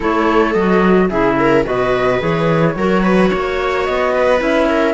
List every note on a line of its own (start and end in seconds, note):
0.00 0.54 A3
0.00 0.54 E4
0.00 1.08 A4
0.00 0.53 C#5
0.53 1.10 F#3
0.53 1.11 F#4
0.53 1.08 D#5
1.09 1.65 C#3
1.09 1.64 E4
1.09 1.37 G#4
1.09 1.64 E5
1.39 1.66 A#4
1.64 2.21 B2
1.64 2.19 F#4
1.64 2.76 B4
1.64 2.21 D#5
2.19 2.75 E3
2.19 2.74 G#4
2.19 3.84 C#5
2.75 3.30 F#3
2.75 4.38 F#4
2.75 3.03 A#4
3.03 3.30 B4
3.30 3.88 A#3
3.30 4.12 C#5
3.84 4.41 B3
3.84 4.39 D#5
4.13 4.68 B4
4.38 4.94 C#4
4.38 4.93 E4
4.38 4.94 E5
4.68 4.94 A#4